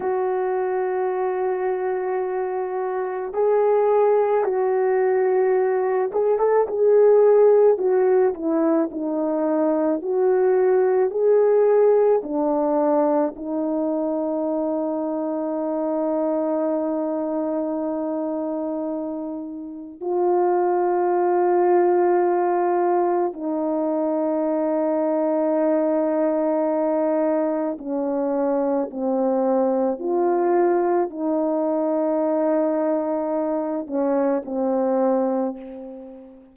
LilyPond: \new Staff \with { instrumentName = "horn" } { \time 4/4 \tempo 4 = 54 fis'2. gis'4 | fis'4. gis'16 a'16 gis'4 fis'8 e'8 | dis'4 fis'4 gis'4 d'4 | dis'1~ |
dis'2 f'2~ | f'4 dis'2.~ | dis'4 cis'4 c'4 f'4 | dis'2~ dis'8 cis'8 c'4 | }